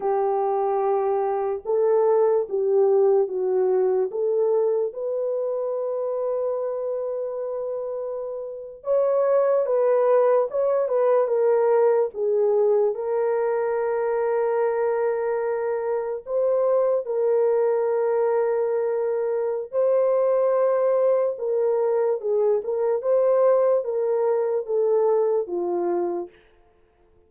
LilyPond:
\new Staff \with { instrumentName = "horn" } { \time 4/4 \tempo 4 = 73 g'2 a'4 g'4 | fis'4 a'4 b'2~ | b'2~ b'8. cis''4 b'16~ | b'8. cis''8 b'8 ais'4 gis'4 ais'16~ |
ais'2.~ ais'8. c''16~ | c''8. ais'2.~ ais'16 | c''2 ais'4 gis'8 ais'8 | c''4 ais'4 a'4 f'4 | }